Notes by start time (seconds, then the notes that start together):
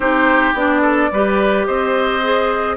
0.00 C4 D#4 G4 C5
0.53 B3 D4 D5
0.81 A4
1.11 G3 G4 B4
1.65 C4 C5 D#5
2.22 G#4